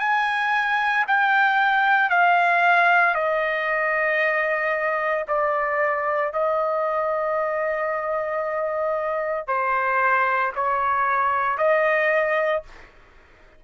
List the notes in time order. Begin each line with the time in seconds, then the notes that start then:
0.00 G#5
1.08 G5
2.10 F5
3.15 D#5
5.28 D5
6.33 D#5
9.48 C5
10.56 C#5
11.58 D#5